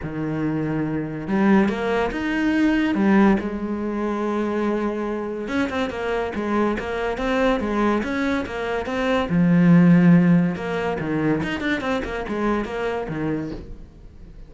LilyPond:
\new Staff \with { instrumentName = "cello" } { \time 4/4 \tempo 4 = 142 dis2. g4 | ais4 dis'2 g4 | gis1~ | gis4 cis'8 c'8 ais4 gis4 |
ais4 c'4 gis4 cis'4 | ais4 c'4 f2~ | f4 ais4 dis4 dis'8 d'8 | c'8 ais8 gis4 ais4 dis4 | }